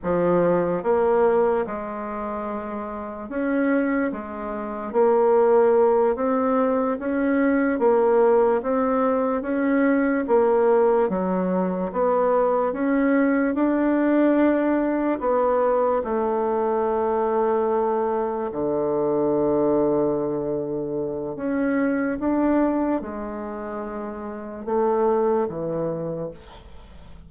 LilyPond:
\new Staff \with { instrumentName = "bassoon" } { \time 4/4 \tempo 4 = 73 f4 ais4 gis2 | cis'4 gis4 ais4. c'8~ | c'8 cis'4 ais4 c'4 cis'8~ | cis'8 ais4 fis4 b4 cis'8~ |
cis'8 d'2 b4 a8~ | a2~ a8 d4.~ | d2 cis'4 d'4 | gis2 a4 e4 | }